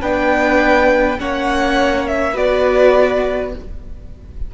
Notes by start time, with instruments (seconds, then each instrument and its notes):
0.00 cello B3, viola D4, violin B4 G5
1.18 cello A#3, viola C#4, violin C#5 F#5
2.07 violin E5
2.33 cello B3, viola F#4, violin B4 D5